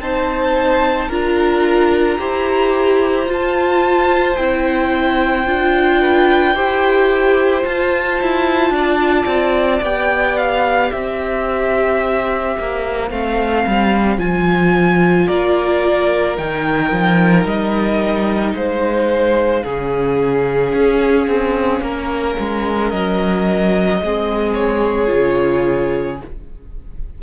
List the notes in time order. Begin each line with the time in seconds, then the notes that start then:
0.00 C4 D#4 C5 A5
1.09 D4 F4 A#4 A#5
2.19 E4 G4 C5
3.27 F4
3.33 A5
4.37 C4 E4 G5
5.46 D4 F4
6.01 B4
6.55 E4 G4 C5
7.62 F4 A5
8.22 E4
8.70 D4 D5
9.26 C4
9.82 B3 G4 G5
10.37 F5
10.91 C4 C5 E5
12.59 A#3
13.10 A3 C4 F5
13.67 G3
14.18 F3 F4 G#5
15.27 A#3 A#4 D5
16.37 D#3 D#4 G5
16.92 F3
17.45 G3 D#5
18.55 G#3 C5 F5
19.64 C#3 C#4 G#4
20.74 C#4
21.27 C4
21.81 A#3 A#4
22.39 G#3
22.90 F#3 D#5
24.02 G#3 C4 G#4
24.54 C#5
25.07 C#3 F4